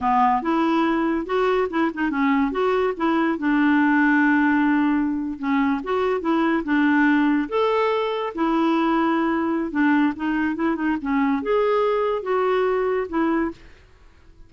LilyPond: \new Staff \with { instrumentName = "clarinet" } { \time 4/4 \tempo 4 = 142 b4 e'2 fis'4 | e'8 dis'8 cis'4 fis'4 e'4 | d'1~ | d'8. cis'4 fis'4 e'4 d'16~ |
d'4.~ d'16 a'2 e'16~ | e'2. d'4 | dis'4 e'8 dis'8 cis'4 gis'4~ | gis'4 fis'2 e'4 | }